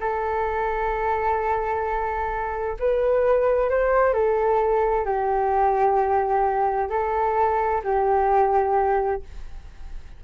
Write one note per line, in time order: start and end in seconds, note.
0.00 2.77 A4
2.79 3.69 B4
3.69 4.13 C5
4.13 5.05 A4
5.05 6.89 G4
6.89 7.82 A4
7.84 9.22 G4